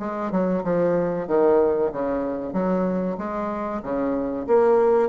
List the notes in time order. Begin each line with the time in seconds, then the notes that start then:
0.00 G#3
0.32 F#3
0.64 F3
1.28 D#3
1.93 C#3
2.54 F#3
3.18 G#3
3.83 C#3
4.47 A#3